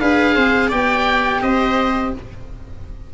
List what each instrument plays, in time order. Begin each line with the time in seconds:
0.00 tuba D4, cello G#4, viola B4, oboe F5
0.36 tuba C4, viola C5
0.69 tuba B3, cello G4, viola D5, oboe G5
1.42 tuba C4, viola C5, oboe D#5